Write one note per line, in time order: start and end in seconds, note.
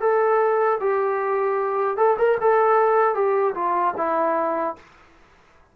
0.00 0.79 A4
0.80 1.97 G4
1.97 2.17 A4
2.18 2.38 A#4
2.41 3.14 A4
3.14 3.54 G4
3.55 3.94 F4
3.97 4.76 E4